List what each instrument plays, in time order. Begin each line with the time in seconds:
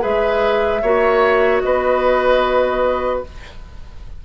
0.00 bassoon G#3, clarinet G#4, oboe B4, flute E5
0.82 bassoon A#3, clarinet F#4, oboe C#5
1.61 bassoon B3, oboe B4, flute D#5